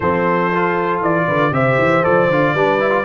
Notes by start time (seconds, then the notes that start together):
0.00 F3 C4 A4 C5
0.54 F4
1.00 E3 D5
1.27 D3 B4
1.51 C3 G4 C5 E5
1.77 E3
2.03 F3 A4 D5
2.30 D3 F4
2.54 G3 D4 B4
2.80 E4
2.89 F4